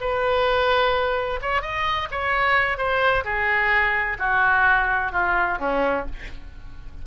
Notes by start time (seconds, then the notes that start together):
0.00 B4
1.41 C#5
1.61 D#5
2.11 C#5
2.77 C5
3.24 G#4
4.18 F#4
5.12 F4
5.59 C#4